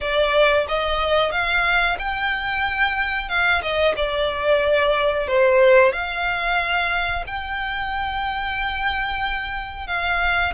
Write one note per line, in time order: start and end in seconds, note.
0.00 0.66 D5
0.68 1.31 D#5
1.31 1.97 F5
1.98 3.28 G5
3.28 3.61 F5
3.61 3.94 D#5
3.96 5.27 D5
5.27 5.92 C5
5.92 7.24 F5
7.26 9.87 G5
9.87 10.53 F5